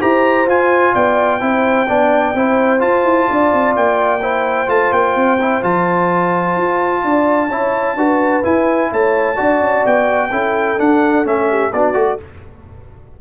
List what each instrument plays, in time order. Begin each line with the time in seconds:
0.00 tuba E4, trombone G4, horn C5, trumpet A#5
0.47 tuba F4, trombone F4, trumpet G#5
0.94 tuba B3, horn D5, trumpet G5
1.40 tuba C4, trombone E4, horn C5
1.88 tuba B3, trombone D4, horn D5
2.35 tuba C4, trombone E4, horn C5
2.79 trombone F4, tuba F4, trumpet A5
3.04 tuba E4
3.29 tuba D4, horn D5
3.53 tuba C4
3.76 tuba A#3, trumpet G5
4.22 trombone E4, horn C5
4.67 tuba A3, trombone F4, trumpet A5
4.92 tuba A#3, trumpet G5
5.15 tuba C4
5.41 trombone E4
5.62 tuba F3, trombone F4, trumpet A5
6.57 tuba F4
7.04 tuba D4, horn D5
7.48 tuba C#4, trombone E4, horn C#5
7.96 tuba D4, trombone F#4, horn B4
8.43 trombone E4, tuba E4, trumpet G#5
8.91 tuba A3, horn C#5, trumpet A5
9.36 tuba D4, trombone F#4, horn D5
9.61 tuba C#4
9.86 tuba B3, trumpet G5
10.30 tuba C#4, trombone E4, horn A4
10.78 trombone D4, tuba D4, trumpet F#5
11.25 tuba A3, trombone C#4, trumpet E5
11.50 horn G4
11.73 tuba B3, trombone D4, horn F#4, trumpet D5
11.94 tuba A3, trombone F#4